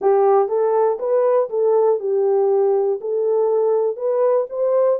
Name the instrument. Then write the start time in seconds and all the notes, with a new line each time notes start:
horn
0.01 G4
0.48 A4
0.99 B4
1.49 A4
1.99 G4
3.00 A4
3.96 B4
4.49 C5